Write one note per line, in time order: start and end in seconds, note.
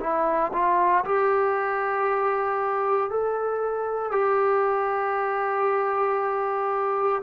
0.00 0.52 E4
0.53 1.04 F4
1.04 3.10 G4
3.10 4.11 A4
4.11 7.22 G4